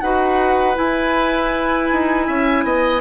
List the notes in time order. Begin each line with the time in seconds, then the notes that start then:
0.00 D#4 F#4 B4 F#5
0.74 E4 G#5
1.91 D#4
2.26 C#4 E5
2.64 B3 D#5